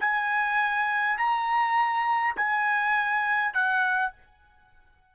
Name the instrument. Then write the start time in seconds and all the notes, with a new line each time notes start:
trumpet
0.00 G#5
1.18 A#5
2.36 G#5
3.53 F#5